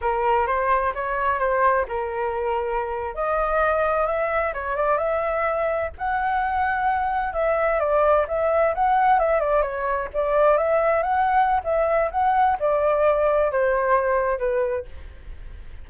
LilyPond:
\new Staff \with { instrumentName = "flute" } { \time 4/4 \tempo 4 = 129 ais'4 c''4 cis''4 c''4 | ais'2~ ais'8. dis''4~ dis''16~ | dis''8. e''4 cis''8 d''8 e''4~ e''16~ | e''8. fis''2. e''16~ |
e''8. d''4 e''4 fis''4 e''16~ | e''16 d''8 cis''4 d''4 e''4 fis''16~ | fis''4 e''4 fis''4 d''4~ | d''4 c''2 b'4 | }